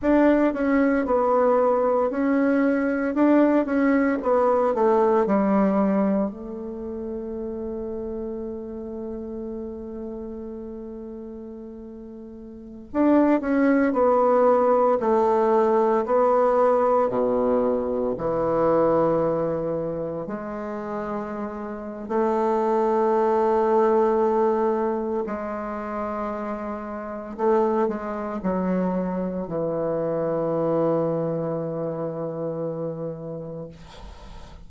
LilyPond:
\new Staff \with { instrumentName = "bassoon" } { \time 4/4 \tempo 4 = 57 d'8 cis'8 b4 cis'4 d'8 cis'8 | b8 a8 g4 a2~ | a1~ | a16 d'8 cis'8 b4 a4 b8.~ |
b16 b,4 e2 gis8.~ | gis4 a2. | gis2 a8 gis8 fis4 | e1 | }